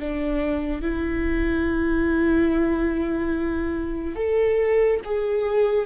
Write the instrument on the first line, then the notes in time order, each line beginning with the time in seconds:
viola
0.00 D4
0.82 E4
4.16 A4
5.05 G#4